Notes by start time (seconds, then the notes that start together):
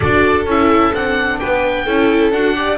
0.00 D4 F#4 A4 D5
0.45 C#4 E4 E5
0.93 C4 D4 F#5
1.39 B3 B4 G5
1.85 C#4 E4 A4
2.31 D4 F#4 F#5
2.55 G4 D5